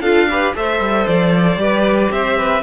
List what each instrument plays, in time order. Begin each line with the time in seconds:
0.00 cello D4, viola F4, violin A4 F5
0.30 viola G4, violin B4
0.54 cello A3, viola A4, violin C5 E5
0.80 cello G3
1.07 cello F3, violin D5
1.56 cello G3, viola G4, violin B4
2.10 cello C4, violin C5 E5
2.37 violin B4